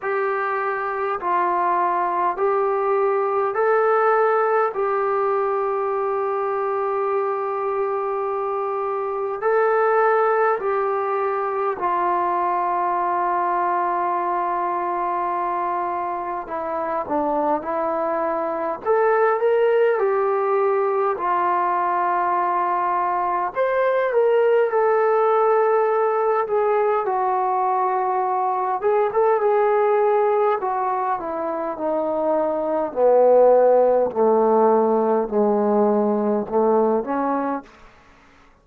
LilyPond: \new Staff \with { instrumentName = "trombone" } { \time 4/4 \tempo 4 = 51 g'4 f'4 g'4 a'4 | g'1 | a'4 g'4 f'2~ | f'2 e'8 d'8 e'4 |
a'8 ais'8 g'4 f'2 | c''8 ais'8 a'4. gis'8 fis'4~ | fis'8 gis'16 a'16 gis'4 fis'8 e'8 dis'4 | b4 a4 gis4 a8 cis'8 | }